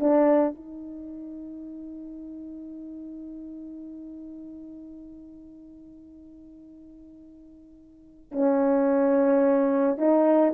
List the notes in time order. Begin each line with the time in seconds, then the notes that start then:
0.00 D4
0.55 D#4
8.32 C#4
9.98 D#4